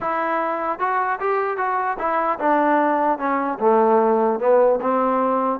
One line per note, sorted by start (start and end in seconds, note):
0.00 0.79 E4
0.79 1.19 F#4
1.20 1.57 G4
1.57 1.97 F#4
1.98 2.38 E4
2.39 3.18 D4
3.18 3.58 C#4
3.59 4.39 A3
4.39 4.79 B3
4.80 5.59 C4